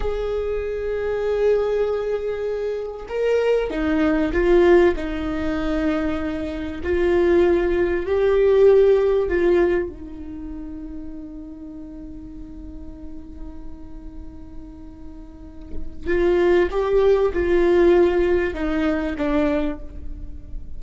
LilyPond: \new Staff \with { instrumentName = "viola" } { \time 4/4 \tempo 4 = 97 gis'1~ | gis'4 ais'4 dis'4 f'4 | dis'2. f'4~ | f'4 g'2 f'4 |
dis'1~ | dis'1~ | dis'2 f'4 g'4 | f'2 dis'4 d'4 | }